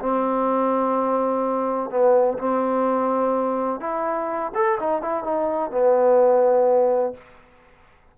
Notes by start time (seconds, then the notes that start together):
0.00 C4
1.90 B3
2.39 C4
3.81 E4
4.55 A4
4.80 D#4
5.02 E4
5.24 D#4
5.71 B3